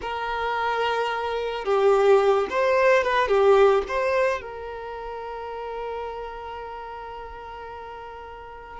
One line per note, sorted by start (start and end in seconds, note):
0.01 1.64 A#4
1.64 2.47 G4
2.50 3.03 C5
3.03 3.28 B4
3.28 3.83 G4
3.88 4.41 C5
4.41 8.80 A#4